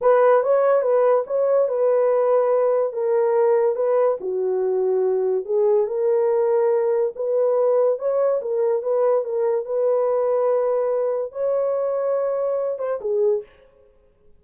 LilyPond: \new Staff \with { instrumentName = "horn" } { \time 4/4 \tempo 4 = 143 b'4 cis''4 b'4 cis''4 | b'2. ais'4~ | ais'4 b'4 fis'2~ | fis'4 gis'4 ais'2~ |
ais'4 b'2 cis''4 | ais'4 b'4 ais'4 b'4~ | b'2. cis''4~ | cis''2~ cis''8 c''8 gis'4 | }